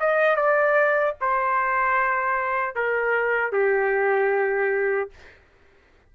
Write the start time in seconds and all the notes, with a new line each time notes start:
0.00 D#5
0.36 D5
1.21 C5
2.76 A#4
3.52 G4